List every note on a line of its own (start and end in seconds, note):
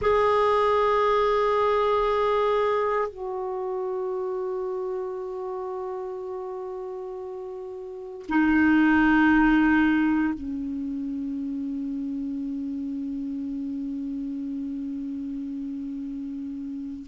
0.01 3.08 G#4
3.08 8.25 F#4
8.29 10.34 D#4
10.34 17.06 C#4